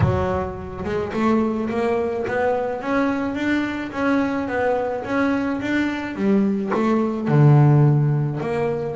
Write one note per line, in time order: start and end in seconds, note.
0.00 0.84 F#3
0.84 1.12 G#3
1.13 1.69 A3
1.69 2.25 A#3
2.27 2.81 B3
2.81 3.35 C#4
3.35 3.91 D4
3.92 4.47 C#4
4.47 5.03 B3
5.04 5.60 C#4
5.61 6.15 D4
6.15 6.71 G3
6.74 7.28 A3
7.28 8.40 D3
8.40 8.96 A#3